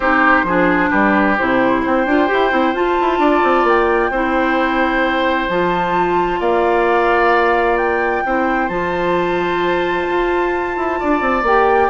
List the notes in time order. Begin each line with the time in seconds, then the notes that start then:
0.00 C4 D#4 G4 C5
0.43 F3 D4 G#4
0.90 G3 G4 B4
1.37 C3 E4 C5
1.82 C4 C5 G5
2.05 D4 F4
2.27 E4 G4
2.50 C4 E4
2.73 F4 A5
3.00 E4
3.18 D4 D5
3.43 C4
3.63 A#3 G5
4.10 C4 E4 C5
5.48 F3 F4 A5
6.40 A#3 D5 F5
7.77 G5
8.25 C4 E4 C5
8.68 F3 F4 A5
10.08 F4
10.76 E4
10.99 D4 D5
11.21 C4
11.43 A#3 G4 G5